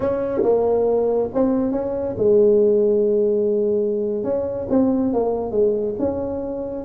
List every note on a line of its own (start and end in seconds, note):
0.00 0.42 C#4
0.42 1.29 A#3
1.34 1.71 C4
1.71 2.15 C#4
2.17 4.23 G#3
4.23 4.67 C#4
4.69 5.13 C4
5.13 5.51 A#3
5.51 5.94 G#3
5.99 6.84 C#4